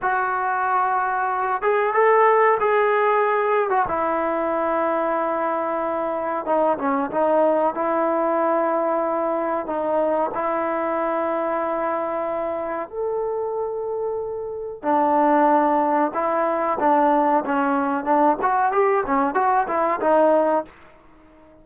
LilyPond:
\new Staff \with { instrumentName = "trombone" } { \time 4/4 \tempo 4 = 93 fis'2~ fis'8 gis'8 a'4 | gis'4.~ gis'16 fis'16 e'2~ | e'2 dis'8 cis'8 dis'4 | e'2. dis'4 |
e'1 | a'2. d'4~ | d'4 e'4 d'4 cis'4 | d'8 fis'8 g'8 cis'8 fis'8 e'8 dis'4 | }